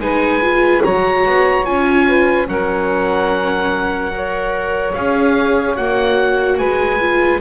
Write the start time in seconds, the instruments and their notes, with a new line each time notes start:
0.00 double bass G#3, viola D#4, saxophone B4, oboe G#5
0.42 viola F4
0.84 double bass F#3, viola F#4, saxophone C#5, oboe A#5
1.27 double bass B3
1.66 double bass C#4, viola F4, oboe G#5
2.07 saxophone B4
2.47 double bass F#3, viola C#4, saxophone A#4, oboe F#5
4.11 viola A#4, saxophone C#5
4.94 double bass C#4, viola G#4, oboe F5
5.76 double bass A#3, viola F#4, oboe F#5
6.59 double bass G#3, saxophone B4, oboe G#5
7.00 viola F4